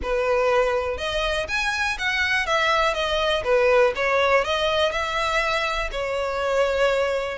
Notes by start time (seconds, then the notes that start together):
0.02 B4
0.97 D#5
1.48 G#5
1.98 F#5
2.46 E5
2.94 D#5
3.44 B4
3.95 C#5
4.44 D#5
4.91 E5
5.91 C#5